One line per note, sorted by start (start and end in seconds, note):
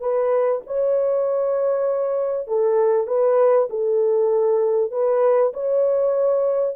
0.00 0.61 B4
0.66 2.47 C#5
2.47 3.07 A4
3.07 3.68 B4
3.70 4.91 A4
4.91 5.52 B4
5.53 6.75 C#5